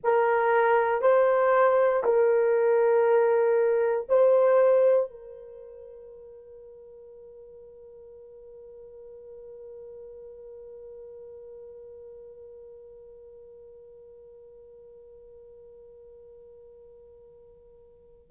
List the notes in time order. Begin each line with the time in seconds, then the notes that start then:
0.03 A#4
1.01 C5
2.03 A#4
4.08 C5
5.10 A#4